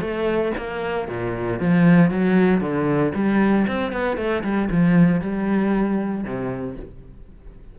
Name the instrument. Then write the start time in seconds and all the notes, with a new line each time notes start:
cello
0.00 A3
0.57 A#3
1.08 A#2
1.59 F3
2.10 F#3
2.60 D3
3.14 G3
3.67 C4
3.92 B3
4.17 A3
4.43 G3
4.70 F3
5.21 G3
6.24 C3